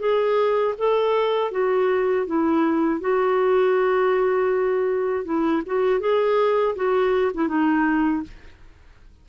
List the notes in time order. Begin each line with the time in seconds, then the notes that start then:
0.00 G#4
0.78 A4
1.52 F#4
2.27 E4
3.01 F#4
5.25 E4
5.66 F#4
6.00 G#4
6.76 F#4
7.34 E4
7.48 D#4